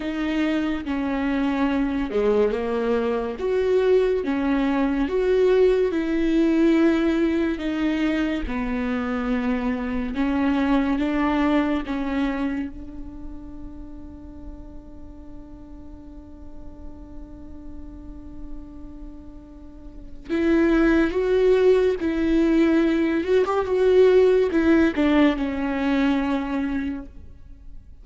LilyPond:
\new Staff \with { instrumentName = "viola" } { \time 4/4 \tempo 4 = 71 dis'4 cis'4. gis8 ais4 | fis'4 cis'4 fis'4 e'4~ | e'4 dis'4 b2 | cis'4 d'4 cis'4 d'4~ |
d'1~ | d'1 | e'4 fis'4 e'4. fis'16 g'16 | fis'4 e'8 d'8 cis'2 | }